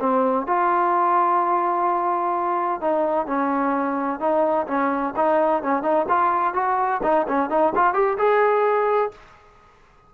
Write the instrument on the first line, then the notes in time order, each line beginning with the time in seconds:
trombone
0.00 C4
0.47 F4
2.81 D#4
3.27 C#4
4.20 D#4
4.67 C#4
5.17 D#4
5.63 C#4
5.83 D#4
6.09 F4
6.54 F#4
7.04 D#4
7.28 C#4
7.50 D#4
7.76 F4
7.94 G4
8.18 G#4